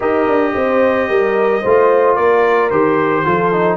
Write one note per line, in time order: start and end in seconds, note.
0.00 0.27 D#4
0.00 1.62 G4
0.00 0.53 A#4
0.00 2.15 D#5
0.27 0.54 D4
0.54 1.09 C4
0.54 1.08 C5
1.08 1.63 G3
1.08 1.61 A#4
1.61 2.18 A3
1.61 2.71 F4
1.61 2.15 C5
2.15 2.70 A#3
2.15 3.23 A#4
2.15 2.69 D5
2.70 3.24 D#3
2.70 3.25 G4
2.70 3.76 C5
3.24 3.76 F3
3.24 3.52 F4
3.24 3.76 A4
3.52 3.76 D#4